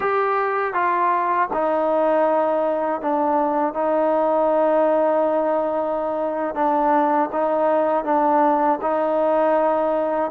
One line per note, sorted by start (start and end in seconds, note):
0.00 0.73 G4
0.73 1.48 F4
1.53 3.01 D#4
3.01 3.73 D4
3.73 6.55 D#4
6.55 7.30 D4
7.32 8.04 D#4
8.04 8.79 D4
8.81 10.31 D#4